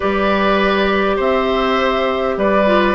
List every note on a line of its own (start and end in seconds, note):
0.00 1.18 G3
0.00 2.66 G4
0.00 1.16 B4
0.00 1.17 D5
1.16 2.37 C4
1.16 2.35 C5
1.16 2.38 E5
2.37 2.95 G3
2.37 2.95 B4
2.37 2.95 D5
2.67 2.95 F4